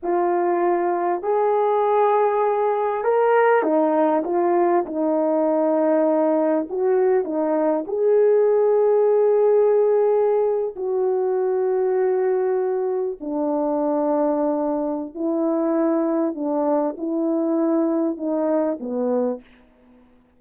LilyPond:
\new Staff \with { instrumentName = "horn" } { \time 4/4 \tempo 4 = 99 f'2 gis'2~ | gis'4 ais'4 dis'4 f'4 | dis'2. fis'4 | dis'4 gis'2.~ |
gis'4.~ gis'16 fis'2~ fis'16~ | fis'4.~ fis'16 d'2~ d'16~ | d'4 e'2 d'4 | e'2 dis'4 b4 | }